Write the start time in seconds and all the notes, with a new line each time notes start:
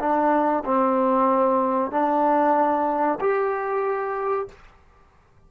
0.00 D4
0.65 C4
1.92 D4
3.21 G4